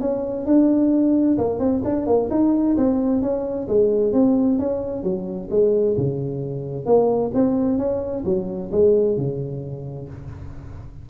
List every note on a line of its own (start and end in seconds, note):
0.00 0.46 C#4
0.46 1.37 D4
1.38 1.59 A#3
1.59 1.82 C4
1.84 2.06 D4
2.06 2.29 A#3
2.30 2.76 D#4
2.76 3.22 C4
3.22 3.67 C#4
3.67 4.12 G#3
4.12 4.58 C4
4.58 5.03 C#4
5.03 5.49 F#3
5.50 5.96 G#3
5.97 6.85 C#3
6.85 7.31 A#3
7.33 7.78 C4
7.78 8.23 C#4
8.24 8.70 F#3
8.71 9.17 G#3
9.17 10.08 C#3